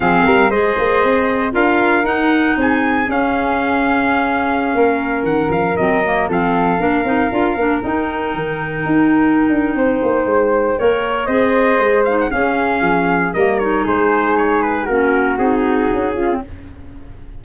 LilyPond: <<
  \new Staff \with { instrumentName = "trumpet" } { \time 4/4 \tempo 4 = 117 f''4 dis''2 f''4 | fis''4 gis''4 f''2~ | f''2~ f''16 fis''8 f''8 dis''8.~ | dis''16 f''2. g''8.~ |
g''1~ | g''2 dis''4. f''16 fis''16 | f''2 dis''8 cis''8 c''4 | cis''8 b'8 ais'4 gis'2 | }
  \new Staff \with { instrumentName = "flute" } { \time 4/4 gis'8 ais'8 c''2 ais'4~ | ais'4 gis'2.~ | gis'4~ gis'16 ais'2~ ais'8.~ | ais'16 a'4 ais'2~ ais'8.~ |
ais'2. c''4~ | c''4 cis''4 c''2 | gis'2 ais'4 gis'4~ | gis'4 fis'2~ fis'8 f'8 | }
  \new Staff \with { instrumentName = "clarinet" } { \time 4/4 c'4 gis'2 f'4 | dis'2 cis'2~ | cis'2.~ cis'16 c'8 ais16~ | ais16 c'4 d'8 dis'8 f'8 d'8 dis'8.~ |
dis'1~ | dis'4 ais'4 gis'4. dis'8 | cis'2 ais8 dis'4.~ | dis'4 cis'4 dis'4. cis'16 c'16 | }
  \new Staff \with { instrumentName = "tuba" } { \time 4/4 f8 g8 gis8 ais8 c'4 d'4 | dis'4 c'4 cis'2~ | cis'4~ cis'16 ais4 dis8 f8 fis8.~ | fis16 f4 ais8 c'8 d'8 ais8 dis'8.~ |
dis'16 dis4 dis'4~ dis'16 d'8 c'8 ais8 | gis4 ais4 c'4 gis4 | cis'4 f4 g4 gis4~ | gis4 ais4 c'4 cis'4 | }
>>